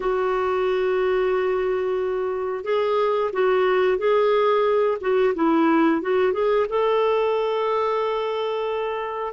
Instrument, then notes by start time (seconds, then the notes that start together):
clarinet
0.00 F#4
2.64 G#4
3.32 F#4
3.98 G#4
5.00 F#4
5.35 E4
6.02 F#4
6.32 G#4
6.68 A4